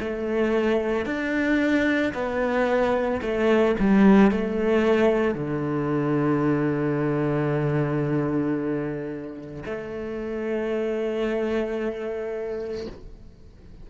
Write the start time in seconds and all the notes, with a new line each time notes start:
0.00 A3
1.06 D4
2.14 B3
3.22 A3
3.80 G3
4.31 A3
5.35 D3
9.66 A3